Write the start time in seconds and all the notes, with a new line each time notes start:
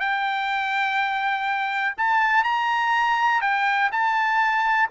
0.00 G5
1.98 A5
2.44 A#5
3.42 G5
3.92 A5